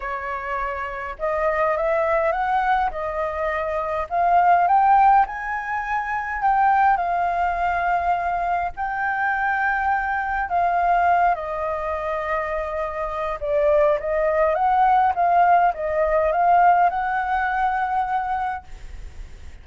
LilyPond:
\new Staff \with { instrumentName = "flute" } { \time 4/4 \tempo 4 = 103 cis''2 dis''4 e''4 | fis''4 dis''2 f''4 | g''4 gis''2 g''4 | f''2. g''4~ |
g''2 f''4. dis''8~ | dis''2. d''4 | dis''4 fis''4 f''4 dis''4 | f''4 fis''2. | }